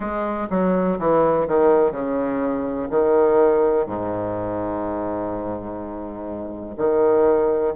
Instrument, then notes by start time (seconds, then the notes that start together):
bassoon
0.00 G#3
0.50 F#3
0.99 E3
1.47 D#3
1.91 C#3
2.89 D#3
3.86 G#2
6.77 D#3